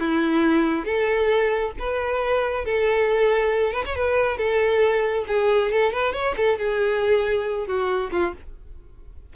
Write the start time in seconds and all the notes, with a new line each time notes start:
0.00 E4
0.85 A4
1.79 B4
2.65 A4
3.73 B4
3.85 C#5
3.96 B4
4.38 A4
5.28 G#4
5.72 A4
5.93 B4
6.13 C#5
6.37 A4
6.59 G#4
7.67 F#4
8.12 F4